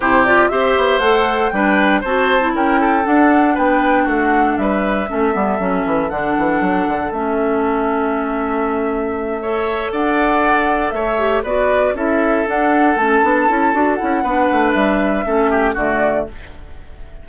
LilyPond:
<<
  \new Staff \with { instrumentName = "flute" } { \time 4/4 \tempo 4 = 118 c''8 d''8 e''4 fis''4 g''4 | a''4 g''4 fis''4 g''4 | fis''4 e''2. | fis''2 e''2~ |
e''2.~ e''8 fis''8~ | fis''4. e''4 d''4 e''8~ | e''8 fis''4 a''2 fis''8~ | fis''4 e''2 d''4 | }
  \new Staff \with { instrumentName = "oboe" } { \time 4/4 g'4 c''2 b'4 | c''4 ais'8 a'4. b'4 | fis'4 b'4 a'2~ | a'1~ |
a'2~ a'8 cis''4 d''8~ | d''4. cis''4 b'4 a'8~ | a'1 | b'2 a'8 g'8 fis'4 | }
  \new Staff \with { instrumentName = "clarinet" } { \time 4/4 e'8 f'8 g'4 a'4 d'4 | fis'8. e'4~ e'16 d'2~ | d'2 cis'8 b8 cis'4 | d'2 cis'2~ |
cis'2~ cis'8 a'4.~ | a'2 g'8 fis'4 e'8~ | e'8 d'4 cis'8 d'8 e'8 fis'8 e'8 | d'2 cis'4 a4 | }
  \new Staff \with { instrumentName = "bassoon" } { \time 4/4 c4 c'8 b8 a4 g4 | c'4 cis'4 d'4 b4 | a4 g4 a8 g8 fis8 e8 | d8 e8 fis8 d8 a2~ |
a2.~ a8 d'8~ | d'4. a4 b4 cis'8~ | cis'8 d'4 a8 b8 cis'8 d'8 cis'8 | b8 a8 g4 a4 d4 | }
>>